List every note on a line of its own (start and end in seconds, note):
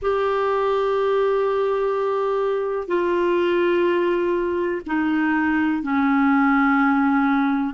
0.02 2.87 G4
2.87 4.81 F4
4.86 5.82 D#4
5.82 7.73 C#4